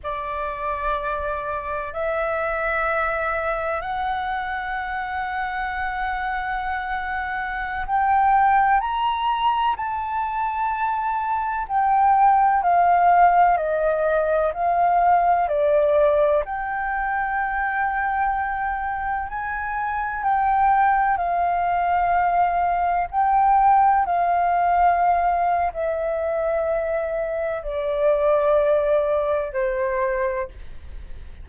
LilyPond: \new Staff \with { instrumentName = "flute" } { \time 4/4 \tempo 4 = 63 d''2 e''2 | fis''1~ | fis''16 g''4 ais''4 a''4.~ a''16~ | a''16 g''4 f''4 dis''4 f''8.~ |
f''16 d''4 g''2~ g''8.~ | g''16 gis''4 g''4 f''4.~ f''16~ | f''16 g''4 f''4.~ f''16 e''4~ | e''4 d''2 c''4 | }